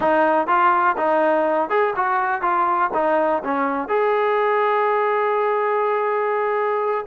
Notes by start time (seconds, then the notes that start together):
0.00 D#4
0.47 F4
0.97 D#4
1.69 G#4
1.96 F#4
2.41 F4
2.94 D#4
3.44 C#4
3.88 G#4